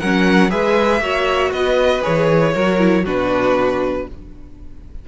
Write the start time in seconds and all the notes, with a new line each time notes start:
0.00 F#3 C#4 A#4 F#5
0.50 G#3 G#4 B4 E5
1.01 A#3 F#4 C#5
1.52 B3 B4 D#5
2.02 E3 G#4 C#5
2.54 F#3 F#4 A#4
2.79 E4
3.04 B2 D4 F#4 B4